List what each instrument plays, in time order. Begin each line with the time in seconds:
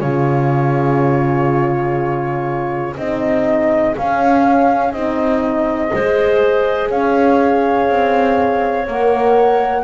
0.00 double bass C#3, horn F4, clarinet G#4, flute C#5
2.97 double bass C4, horn D#4, flute D#5
3.96 double bass C#4, horn C#4, flute F5
4.92 double bass C4, horn D#4, flute D#5
5.89 double bass G#3, horn G#4, clarinet C5
6.90 double bass C#4, clarinet C#5, flute F5
7.89 double bass C4
8.87 double bass A#3, horn A#4, flute F#5